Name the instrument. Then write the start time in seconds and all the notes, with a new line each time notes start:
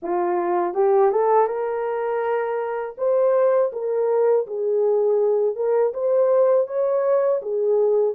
horn
0.02 F4
0.74 G4
1.11 A4
1.47 A#4
2.97 C5
3.72 A#4
4.46 G#4
5.55 A#4
5.93 C5
6.67 C#5
7.41 G#4